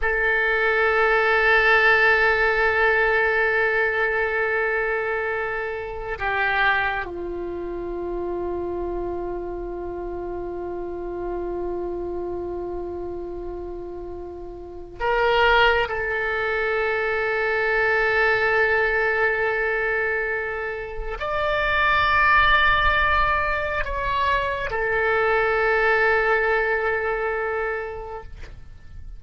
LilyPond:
\new Staff \with { instrumentName = "oboe" } { \time 4/4 \tempo 4 = 68 a'1~ | a'2. g'4 | f'1~ | f'1~ |
f'4 ais'4 a'2~ | a'1 | d''2. cis''4 | a'1 | }